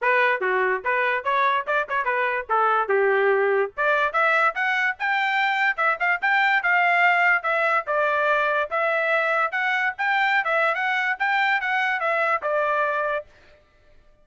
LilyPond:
\new Staff \with { instrumentName = "trumpet" } { \time 4/4 \tempo 4 = 145 b'4 fis'4 b'4 cis''4 | d''8 cis''8 b'4 a'4 g'4~ | g'4 d''4 e''4 fis''4 | g''2 e''8 f''8 g''4 |
f''2 e''4 d''4~ | d''4 e''2 fis''4 | g''4~ g''16 e''8. fis''4 g''4 | fis''4 e''4 d''2 | }